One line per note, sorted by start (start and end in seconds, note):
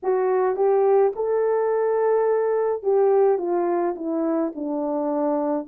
0.03 0.56 F#4
0.56 1.12 G4
1.15 2.83 A4
2.83 3.38 G4
3.38 3.94 F4
3.95 4.52 E4
4.55 5.67 D4